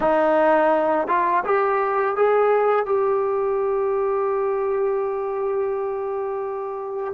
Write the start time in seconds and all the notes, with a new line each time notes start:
0.00 D#4
1.07 F4
1.44 G4
2.16 G#4
2.85 G4